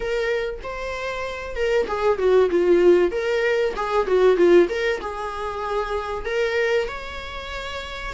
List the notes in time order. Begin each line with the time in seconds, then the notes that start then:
0.00 A#4
0.62 C5
1.55 A#4
1.87 G#4
2.18 F#4
2.50 F4
3.11 A#4
3.76 G#4
4.07 F#4
4.36 F4
4.69 A#4
5.00 G#4
6.25 A#4
6.88 C#5